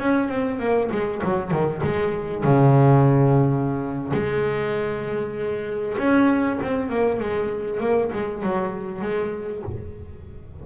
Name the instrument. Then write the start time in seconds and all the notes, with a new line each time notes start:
double bass
0.00 C#4
0.29 C4
0.60 A#3
0.92 G#3
1.24 F#3
1.52 D#3
1.84 G#3
2.44 C#3
4.14 G#3
5.98 C#4
6.63 C4
6.90 A#3
7.20 G#3
7.81 A#3
8.13 G#3
8.43 F#3
9.02 G#3